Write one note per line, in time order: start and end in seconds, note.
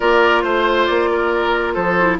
0.00 0.43 A#3
0.00 1.97 F4
0.00 0.43 A#4
0.00 0.42 D5
0.42 0.87 A3
0.42 0.85 C5
0.42 1.09 C5
0.85 1.75 A#3
0.85 1.73 D5
1.12 1.73 A#4
1.73 2.19 F3
1.73 2.17 A4
1.73 2.17 C5
1.99 2.19 E4